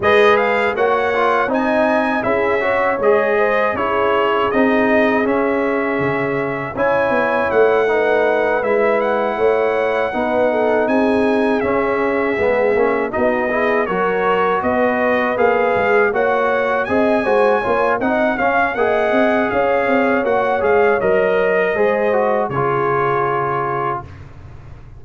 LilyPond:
<<
  \new Staff \with { instrumentName = "trumpet" } { \time 4/4 \tempo 4 = 80 dis''8 f''8 fis''4 gis''4 e''4 | dis''4 cis''4 dis''4 e''4~ | e''4 gis''4 fis''4. e''8 | fis''2~ fis''8 gis''4 e''8~ |
e''4. dis''4 cis''4 dis''8~ | dis''8 f''4 fis''4 gis''4. | fis''8 f''8 fis''4 f''4 fis''8 f''8 | dis''2 cis''2 | }
  \new Staff \with { instrumentName = "horn" } { \time 4/4 b'4 cis''4 dis''4 gis'8 cis''8~ | cis''8 c''8 gis'2.~ | gis'4 cis''4. b'4.~ | b'8 cis''4 b'8 a'8 gis'4.~ |
gis'4. fis'8 gis'8 ais'4 b'8~ | b'4. cis''4 dis''8 c''8 cis''8 | dis''8 f''8 dis''4 cis''2~ | cis''4 c''4 gis'2 | }
  \new Staff \with { instrumentName = "trombone" } { \time 4/4 gis'4 fis'8 f'8 dis'4 e'8 fis'8 | gis'4 e'4 dis'4 cis'4~ | cis'4 e'4. dis'4 e'8~ | e'4. dis'2 cis'8~ |
cis'8 b8 cis'8 dis'8 e'8 fis'4.~ | fis'8 gis'4 fis'4 gis'8 fis'8 f'8 | dis'8 cis'8 gis'2 fis'8 gis'8 | ais'4 gis'8 fis'8 f'2 | }
  \new Staff \with { instrumentName = "tuba" } { \time 4/4 gis4 ais4 c'4 cis'4 | gis4 cis'4 c'4 cis'4 | cis4 cis'8 b8 a4. gis8~ | gis8 a4 b4 c'4 cis'8~ |
cis'8 gis8 ais8 b4 fis4 b8~ | b8 ais8 gis8 ais4 c'8 gis8 ais8 | c'8 cis'8 ais8 c'8 cis'8 c'8 ais8 gis8 | fis4 gis4 cis2 | }
>>